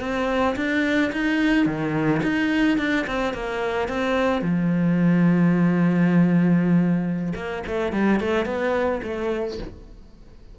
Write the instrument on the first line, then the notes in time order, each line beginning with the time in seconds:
cello
0.00 C4
0.56 D4
1.12 D#4
1.66 D#3
2.22 D#4
2.78 D4
3.07 C4
3.34 A#3
3.88 C4
4.41 F3
7.35 A#3
7.67 A3
7.92 G3
8.20 A3
8.45 B3
9.03 A3